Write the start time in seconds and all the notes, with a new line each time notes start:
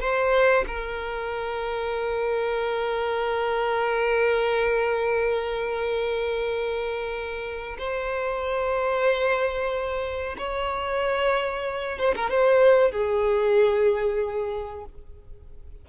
0.00 C5
0.67 A#4
7.78 C5
10.38 C#5
11.99 C5
12.16 A#4
12.30 C5
12.91 G#4